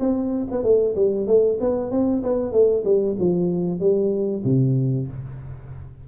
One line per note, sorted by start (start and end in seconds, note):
0.00 0.47 C4
0.51 0.64 B3
0.64 0.95 A3
0.96 1.27 G3
1.27 1.59 A3
1.61 1.91 B3
1.91 2.23 C4
2.23 2.52 B3
2.52 2.84 A3
2.85 3.16 G3
3.19 3.80 F3
3.80 4.43 G3
4.44 5.08 C3